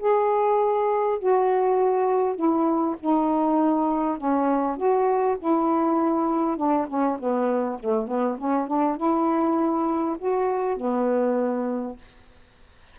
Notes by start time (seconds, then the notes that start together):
0.00 G#4
1.19 F#4
2.36 E4
3.01 D#4
4.18 C#4
4.77 F#4
5.39 E4
6.57 D4
6.88 C#4
7.19 B3
7.80 A3
8.08 B3
8.39 C#4
8.68 D4
8.97 E4
10.19 F#4
10.77 B3